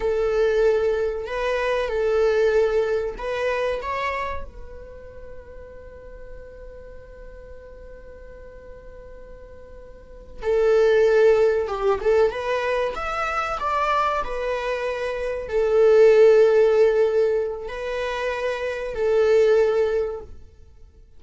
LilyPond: \new Staff \with { instrumentName = "viola" } { \time 4/4 \tempo 4 = 95 a'2 b'4 a'4~ | a'4 b'4 cis''4 b'4~ | b'1~ | b'1~ |
b'8 a'2 g'8 a'8 b'8~ | b'8 e''4 d''4 b'4.~ | b'8 a'2.~ a'8 | b'2 a'2 | }